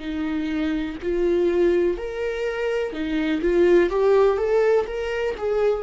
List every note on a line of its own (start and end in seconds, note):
0.00 0.97 D#4
1.02 1.98 F4
1.98 2.93 A#4
2.93 3.41 D#4
3.42 3.90 F4
3.90 4.38 G4
4.38 4.86 A4
4.87 5.35 A#4
5.38 5.83 G#4